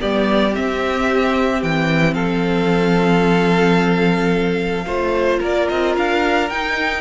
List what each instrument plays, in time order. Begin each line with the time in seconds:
0.00 cello G3, viola B3, violin G4 D5
0.53 viola C4, cello C4, violin E5
1.63 cello E3, violin G5
2.14 cello F3, violin A4 F5
4.86 cello A3, viola F4, violin C5
5.40 cello A#3, violin A#4 D5
5.69 cello C4, violin D#5
5.97 cello D4, violin F5
6.50 cello D#4, viola D#4, violin G5